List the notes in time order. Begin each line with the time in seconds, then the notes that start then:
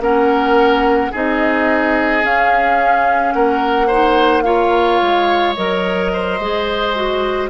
0.00 A#3 C#4 A#4 F#5
1.12 C4 D#4 G#4 D#5
2.23 C#4 F5
3.33 A#3 A#4 F#5
3.88 D#4 C5
4.43 F4 C#5 F5
5.02 G#3
5.56 F#3 A#4 D#5
6.13 C5
6.39 G#3 G#4
6.95 F#4